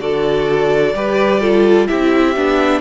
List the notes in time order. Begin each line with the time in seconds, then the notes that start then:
0.00 D3 F#4 A4 D5
0.94 G3 G4 B4
1.41 F4 A4
1.87 C4 E4 G4 E5
2.36 B3 D4